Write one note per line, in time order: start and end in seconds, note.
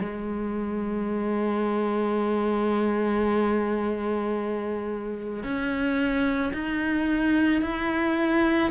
0.00 5.43 G#3
5.43 6.53 C#4
6.54 7.62 D#4
7.62 8.71 E4